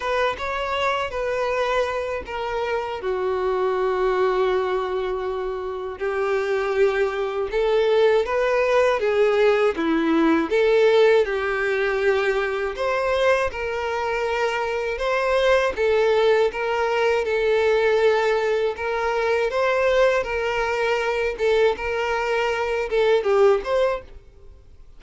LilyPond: \new Staff \with { instrumentName = "violin" } { \time 4/4 \tempo 4 = 80 b'8 cis''4 b'4. ais'4 | fis'1 | g'2 a'4 b'4 | gis'4 e'4 a'4 g'4~ |
g'4 c''4 ais'2 | c''4 a'4 ais'4 a'4~ | a'4 ais'4 c''4 ais'4~ | ais'8 a'8 ais'4. a'8 g'8 c''8 | }